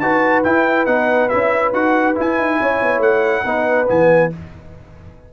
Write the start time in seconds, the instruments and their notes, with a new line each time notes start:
0.00 tuba D#4, trombone F#4, horn B4, trumpet A5
0.44 tuba E4, trombone E4, trumpet G5
0.86 tuba B3, trombone D#4, trumpet F#5
1.29 tuba C#4, trombone E4, trumpet E5
1.73 tuba D#4, trombone F#4, trumpet F#5
2.16 trombone E4, tuba E4, trumpet G#5
2.38 tuba D#4
2.60 tuba C#4, horn C#5
2.82 tuba B3
2.99 tuba A3, trumpet F#5
3.45 tuba B3, trombone D#4, horn B4
3.87 tuba E3, trombone B3, trumpet G#5